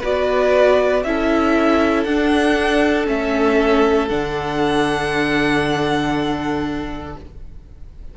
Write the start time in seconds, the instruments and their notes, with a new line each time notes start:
0.00 cello B3, viola F#4, violin B4 D5
1.04 cello C#4, viola E4, violin A4 E5
2.04 cello D4, viola D4, violin F#5
3.07 cello A3, viola C#4, violin E5
4.09 cello D3, viola D4, violin F#5